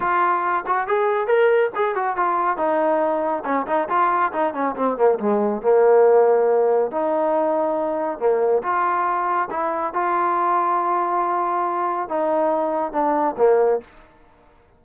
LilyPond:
\new Staff \with { instrumentName = "trombone" } { \time 4/4 \tempo 4 = 139 f'4. fis'8 gis'4 ais'4 | gis'8 fis'8 f'4 dis'2 | cis'8 dis'8 f'4 dis'8 cis'8 c'8 ais8 | gis4 ais2. |
dis'2. ais4 | f'2 e'4 f'4~ | f'1 | dis'2 d'4 ais4 | }